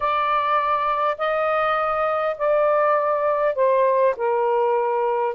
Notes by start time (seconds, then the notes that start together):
0.00 D5
1.18 D#5
2.37 D5
3.55 C5
4.16 A#4